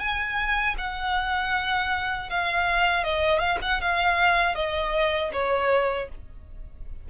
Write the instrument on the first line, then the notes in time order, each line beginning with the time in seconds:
violin
0.00 G#5
0.78 F#5
2.30 F5
3.04 D#5
3.40 F5
3.62 F#5
3.81 F5
4.55 D#5
5.33 C#5